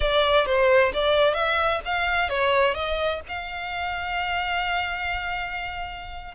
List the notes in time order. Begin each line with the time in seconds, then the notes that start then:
0.00 D5
0.46 C5
0.93 D5
1.34 E5
1.85 F5
2.29 C#5
2.74 D#5
3.28 F5